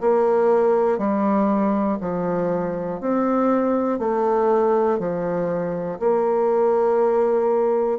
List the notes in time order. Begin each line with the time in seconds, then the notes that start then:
0.00 A#3
0.98 G3
2.00 F3
3.00 C4
3.99 A3
4.99 F3
5.99 A#3